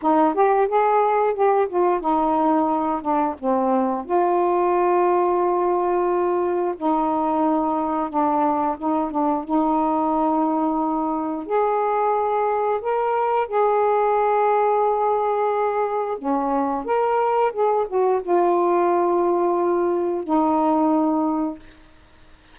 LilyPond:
\new Staff \with { instrumentName = "saxophone" } { \time 4/4 \tempo 4 = 89 dis'8 g'8 gis'4 g'8 f'8 dis'4~ | dis'8 d'8 c'4 f'2~ | f'2 dis'2 | d'4 dis'8 d'8 dis'2~ |
dis'4 gis'2 ais'4 | gis'1 | cis'4 ais'4 gis'8 fis'8 f'4~ | f'2 dis'2 | }